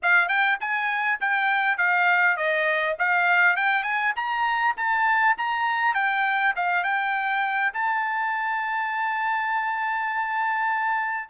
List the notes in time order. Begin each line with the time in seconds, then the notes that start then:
0.02 F5
0.28 G5
0.60 G#5
1.20 G5
1.77 F5
2.36 D#5
2.98 F5
3.56 G5
3.83 G#5
4.16 A#5
4.76 A5
5.37 A#5
5.94 G5
6.55 F5
6.83 G5
7.73 A5